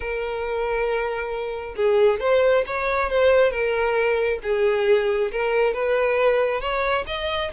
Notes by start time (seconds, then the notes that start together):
0.00 A#4
1.76 G#4
2.20 C5
2.66 C#5
3.10 C5
3.51 A#4
4.42 G#4
5.31 A#4
5.73 B4
6.60 C#5
7.06 D#5